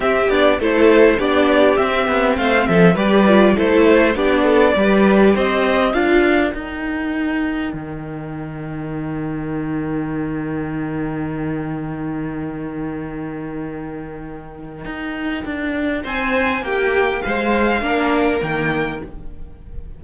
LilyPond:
<<
  \new Staff \with { instrumentName = "violin" } { \time 4/4 \tempo 4 = 101 e''8 d''8 c''4 d''4 e''4 | f''8 e''8 d''4 c''4 d''4~ | d''4 dis''4 f''4 g''4~ | g''1~ |
g''1~ | g''1~ | g''2. gis''4 | g''4 f''2 g''4 | }
  \new Staff \with { instrumentName = "violin" } { \time 4/4 g'4 a'4 g'2 | c''8 a'8 b'4 a'4 g'8 a'8 | b'4 c''4 ais'2~ | ais'1~ |
ais'1~ | ais'1~ | ais'2. c''4 | g'4 c''4 ais'2 | }
  \new Staff \with { instrumentName = "viola" } { \time 4/4 c'8 d'8 e'4 d'4 c'4~ | c'4 g'8 f'8 e'4 d'4 | g'2 f'4 dis'4~ | dis'1~ |
dis'1~ | dis'1~ | dis'1~ | dis'2 d'4 ais4 | }
  \new Staff \with { instrumentName = "cello" } { \time 4/4 c'8 b8 a4 b4 c'8 b8 | a8 f8 g4 a4 b4 | g4 c'4 d'4 dis'4~ | dis'4 dis2.~ |
dis1~ | dis1~ | dis4 dis'4 d'4 c'4 | ais4 gis4 ais4 dis4 | }
>>